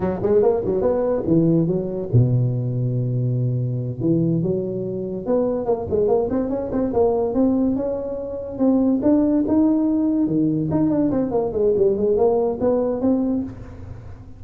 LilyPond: \new Staff \with { instrumentName = "tuba" } { \time 4/4 \tempo 4 = 143 fis8 gis8 ais8 fis8 b4 e4 | fis4 b,2.~ | b,4. e4 fis4.~ | fis8 b4 ais8 gis8 ais8 c'8 cis'8 |
c'8 ais4 c'4 cis'4.~ | cis'8 c'4 d'4 dis'4.~ | dis'8 dis4 dis'8 d'8 c'8 ais8 gis8 | g8 gis8 ais4 b4 c'4 | }